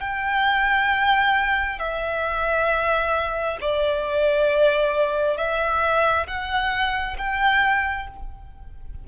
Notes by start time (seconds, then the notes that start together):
0.00 G5
1.79 E5
3.61 D5
5.36 E5
6.27 F#5
7.18 G5